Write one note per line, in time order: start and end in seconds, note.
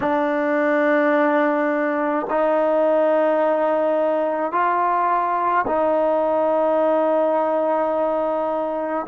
0.00 2.26 D4
2.30 4.52 D#4
4.52 5.65 F4
5.66 9.06 D#4